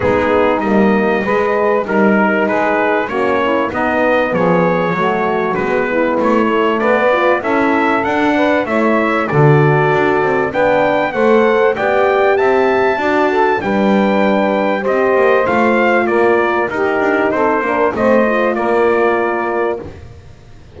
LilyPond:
<<
  \new Staff \with { instrumentName = "trumpet" } { \time 4/4 \tempo 4 = 97 gis'4 dis''2 ais'4 | b'4 cis''4 dis''4 cis''4~ | cis''4 b'4 cis''4 d''4 | e''4 fis''4 e''4 d''4~ |
d''4 g''4 fis''4 g''4 | a''2 g''2 | dis''4 f''4 d''4 ais'4 | c''4 dis''4 d''2 | }
  \new Staff \with { instrumentName = "saxophone" } { \time 4/4 dis'2 b'4 ais'4 | gis'4 fis'8 e'8 dis'4 gis'4 | fis'4. e'4. b'4 | a'4. b'8 cis''4 a'4~ |
a'4 b'4 c''4 d''4 | e''4 d''8 a'8 b'2 | c''2 ais'4 g'4 | a'8 ais'8 c''4 ais'2 | }
  \new Staff \with { instrumentName = "horn" } { \time 4/4 b4 ais4 gis4 dis'4~ | dis'4 cis'4 b2 | a4 b4. a4 f'8 | e'4 d'4 e'4 fis'4~ |
fis'4 d'4 a'4 g'4~ | g'4 fis'4 d'2 | g'4 f'2 dis'4~ | dis'8 d'8 c'8 f'2~ f'8 | }
  \new Staff \with { instrumentName = "double bass" } { \time 4/4 gis4 g4 gis4 g4 | gis4 ais4 b4 f4 | fis4 gis4 a4 b4 | cis'4 d'4 a4 d4 |
d'8 c'8 b4 a4 b4 | c'4 d'4 g2 | c'8 ais8 a4 ais4 dis'8 d'8 | c'8 ais8 a4 ais2 | }
>>